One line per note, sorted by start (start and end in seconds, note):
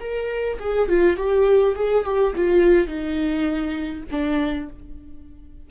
0.00 0.58 A#4
0.60 0.88 G#4
0.88 1.17 F4
1.17 1.75 G4
1.75 2.04 G#4
2.04 2.33 G4
2.35 2.87 F4
2.87 4.04 D#4
4.11 4.69 D4